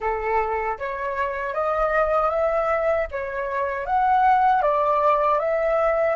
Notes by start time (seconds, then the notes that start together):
0.00 A4
0.78 C#5
1.54 D#5
2.29 E5
3.11 C#5
3.85 F#5
4.62 D5
5.39 E5